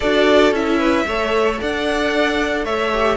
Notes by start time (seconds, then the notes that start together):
0.00 D4 F#4 A4 D5
0.51 C#4 E4 E5
0.78 B4
1.07 A3 A4 C#5
1.60 D4 D5 F#5
2.64 A3 C#5 E5
2.93 G4